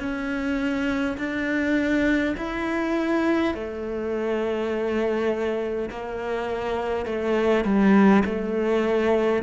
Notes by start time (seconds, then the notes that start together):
0.00 C#4
1.18 D4
2.37 E4
3.55 A3
5.90 A#3
7.06 A3
7.65 G3
8.26 A3